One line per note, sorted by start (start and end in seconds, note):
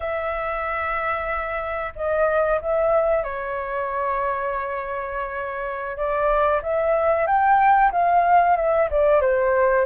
0.00 1.92 E5
1.95 2.60 D#5
2.61 3.23 E5
3.23 5.96 C#5
5.96 6.61 D5
6.62 7.26 E5
7.26 7.91 G5
7.91 8.56 F5
8.56 8.89 E5
8.90 9.21 D5
9.21 9.85 C5